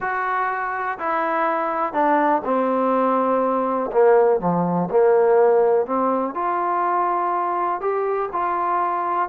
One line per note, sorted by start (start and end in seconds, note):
0.00 0.98 F#4
0.99 1.93 E4
1.93 2.42 D4
2.44 3.90 C4
3.92 4.39 A#3
4.39 4.88 F3
4.90 5.85 A#3
5.85 6.34 C4
6.34 7.80 F4
7.80 8.29 G4
8.32 9.29 F4